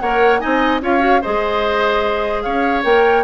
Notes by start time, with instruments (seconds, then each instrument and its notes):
0.00 bassoon A#3, clarinet A#4, oboe C#5, flute F#5
0.40 bassoon C4, clarinet D#4, oboe D#5, flute G#5
0.81 bassoon C#4, clarinet F4, oboe C#5, flute F5
0.99 clarinet F#4
1.22 bassoon G#3, clarinet G#4, oboe C5, flute D#5
2.42 bassoon C#4, oboe C#5, flute F5
2.84 bassoon A#3, clarinet A#4, flute G5